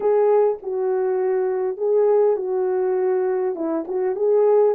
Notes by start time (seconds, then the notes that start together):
0.00 G#4
0.62 F#4
1.77 G#4
2.36 F#4
3.55 E4
3.87 F#4
4.15 G#4